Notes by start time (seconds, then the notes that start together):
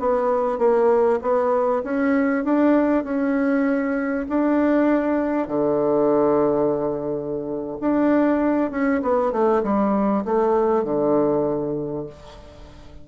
0.00 B3
0.58 A#3
1.22 B3
1.84 C#4
2.45 D4
3.04 C#4
4.29 D4
5.48 D3
7.81 D4
8.71 C#4
9.02 B3
9.32 A3
9.63 G3
10.25 A3
10.84 D3